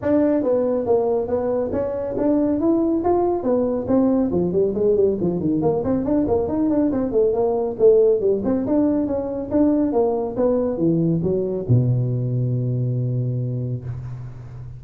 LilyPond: \new Staff \with { instrumentName = "tuba" } { \time 4/4 \tempo 4 = 139 d'4 b4 ais4 b4 | cis'4 d'4 e'4 f'4 | b4 c'4 f8 g8 gis8 g8 | f8 dis8 ais8 c'8 d'8 ais8 dis'8 d'8 |
c'8 a8 ais4 a4 g8 c'8 | d'4 cis'4 d'4 ais4 | b4 e4 fis4 b,4~ | b,1 | }